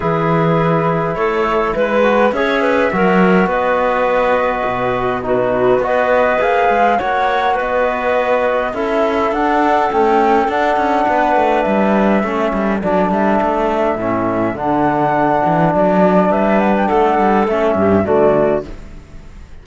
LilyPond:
<<
  \new Staff \with { instrumentName = "flute" } { \time 4/4 \tempo 4 = 103 b'2 cis''4 b'4 | e''2 dis''2~ | dis''4 b'4 dis''4 f''4 | fis''4 dis''2 e''4 |
fis''4 g''4 fis''2 | e''2 d''8 e''4.~ | e''4 fis''2 d''4 | e''8 fis''16 g''16 fis''4 e''4 d''4 | }
  \new Staff \with { instrumentName = "clarinet" } { \time 4/4 gis'2 a'4 b'4 | cis''8 b'8 ais'4 b'2~ | b'4 fis'4 b'2 | cis''4 b'2 a'4~ |
a'2. b'4~ | b'4 a'2.~ | a'1 | b'4 a'4. g'8 fis'4 | }
  \new Staff \with { instrumentName = "trombone" } { \time 4/4 e'2.~ e'8 fis'8 | gis'4 fis'2.~ | fis'4 dis'4 fis'4 gis'4 | fis'2. e'4 |
d'4 a4 d'2~ | d'4 cis'4 d'2 | cis'4 d'2.~ | d'2 cis'4 a4 | }
  \new Staff \with { instrumentName = "cello" } { \time 4/4 e2 a4 gis4 | cis'4 fis4 b2 | b,2 b4 ais8 gis8 | ais4 b2 cis'4 |
d'4 cis'4 d'8 cis'8 b8 a8 | g4 a8 g8 fis8 g8 a4 | a,4 d4. e8 fis4 | g4 a8 g8 a8 g,8 d4 | }
>>